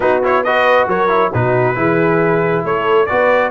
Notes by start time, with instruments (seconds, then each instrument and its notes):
0.00 tuba B3, trombone D#4, horn F#4, trumpet B4
0.23 trombone E4, trumpet C#5
0.43 trombone F#4, horn B4, trumpet D#5
0.86 tuba F#3, horn A#4, trumpet C#5
1.08 trombone E4
1.33 tuba B2, trombone D#4, horn F#4, trumpet B4
1.75 tuba E3, trombone E4, horn G#4
2.64 tuba A3, horn A4, trumpet C#5
3.06 tuba B3, trombone F#4, horn B4, trumpet D5